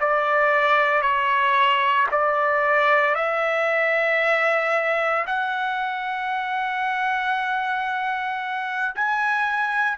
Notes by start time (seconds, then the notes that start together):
0.00 D5
1.01 C#5
2.11 D5
3.14 E5
5.26 F#5
8.95 G#5